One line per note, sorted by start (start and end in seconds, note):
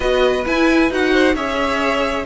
0.00 0.45 B3
0.00 0.45 F#4
0.00 1.12 B4
0.00 0.45 D#5
0.46 0.90 E4
0.46 0.91 G#5
0.90 1.34 D#4
0.90 1.35 F#4
0.90 1.35 F#5
1.12 1.34 C5
1.34 2.25 C#4
1.34 2.25 G#4
1.34 2.25 C#5
1.34 2.25 E5